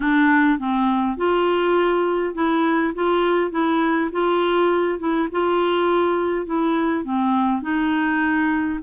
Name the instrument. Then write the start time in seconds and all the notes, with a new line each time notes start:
clarinet
0.00 D4
0.58 C4
1.17 F4
2.34 E4
2.94 F4
3.51 E4
4.12 F4
4.99 E4
5.31 F4
6.46 E4
7.04 C4
7.62 D#4